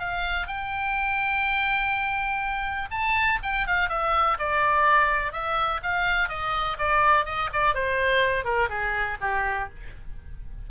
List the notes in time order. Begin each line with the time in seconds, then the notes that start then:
0.00 F5
0.47 G5
2.91 A5
3.43 G5
3.67 F5
3.90 E5
4.39 D5
5.33 E5
5.83 F5
6.29 D#5
6.79 D5
7.26 D#5
7.53 D5
7.75 C5
8.45 A#4
8.70 G#4
9.21 G4